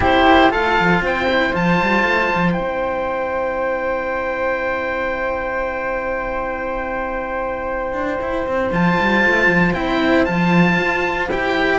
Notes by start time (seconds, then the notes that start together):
0.00 C4 E4 G4 C5
0.27 A#3
0.50 A3 F4 A4 F5
0.79 F3
1.00 C4 C5 G5
1.28 E4
1.53 F3 F4 A5
1.81 G3
2.04 A3
2.35 F3
2.52 E4 G5
2.59 C4
7.92 D4
8.21 E4
8.46 C4
8.71 F3 F4 A5
9.00 G3
9.26 A3
9.46 F3
9.74 C4 E4 G5
10.24 F3 F4 A5
10.79 F4
11.30 E4 G4 G5